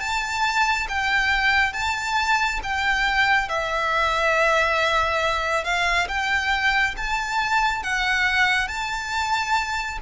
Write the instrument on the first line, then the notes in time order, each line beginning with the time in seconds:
violin
0.00 A5
0.89 G5
1.73 A5
2.63 G5
3.49 E5
5.64 F5
6.08 G5
6.97 A5
7.83 F#5
8.68 A5